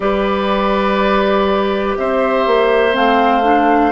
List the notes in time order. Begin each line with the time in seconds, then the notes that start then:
0.00 G3 G4 B4 D5
1.97 C4 C5 E5
2.46 A#3
2.93 A3 C4 F5
3.42 D4